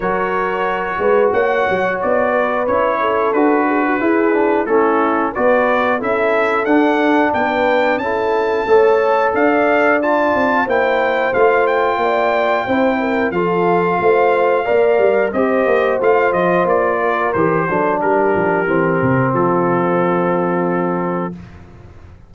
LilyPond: <<
  \new Staff \with { instrumentName = "trumpet" } { \time 4/4 \tempo 4 = 90 cis''2 fis''4 d''4 | cis''4 b'2 a'4 | d''4 e''4 fis''4 g''4 | a''2 f''4 a''4 |
g''4 f''8 g''2~ g''8 | f''2. dis''4 | f''8 dis''8 d''4 c''4 ais'4~ | ais'4 a'2. | }
  \new Staff \with { instrumentName = "horn" } { \time 4/4 ais'4. b'8 cis''4. b'8~ | b'8 a'4 gis'16 fis'16 gis'4 e'4 | b'4 a'2 b'4 | a'4 cis''4 d''2 |
c''2 d''4 c''8 ais'8 | a'4 c''4 d''4 c''4~ | c''4. ais'4 a'8 g'4~ | g'4 f'2. | }
  \new Staff \with { instrumentName = "trombone" } { \time 4/4 fis'1 | e'4 fis'4 e'8 d'8 cis'4 | fis'4 e'4 d'2 | e'4 a'2 f'4 |
e'4 f'2 e'4 | f'2 ais'4 g'4 | f'2 g'8 d'4. | c'1 | }
  \new Staff \with { instrumentName = "tuba" } { \time 4/4 fis4. gis8 ais8 fis8 b4 | cis'4 d'4 e'4 a4 | b4 cis'4 d'4 b4 | cis'4 a4 d'4. c'8 |
ais4 a4 ais4 c'4 | f4 a4 ais8 g8 c'8 ais8 | a8 f8 ais4 e8 fis8 g8 f8 | e8 c8 f2. | }
>>